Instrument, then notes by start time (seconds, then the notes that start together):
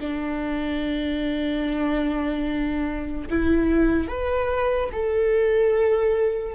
viola
0.00 D4
3.30 E4
4.08 B4
4.93 A4